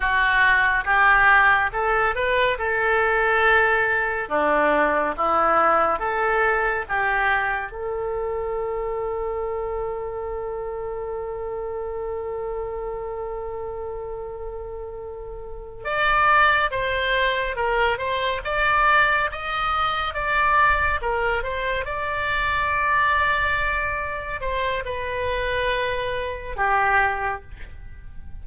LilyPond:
\new Staff \with { instrumentName = "oboe" } { \time 4/4 \tempo 4 = 70 fis'4 g'4 a'8 b'8 a'4~ | a'4 d'4 e'4 a'4 | g'4 a'2.~ | a'1~ |
a'2~ a'8 d''4 c''8~ | c''8 ais'8 c''8 d''4 dis''4 d''8~ | d''8 ais'8 c''8 d''2~ d''8~ | d''8 c''8 b'2 g'4 | }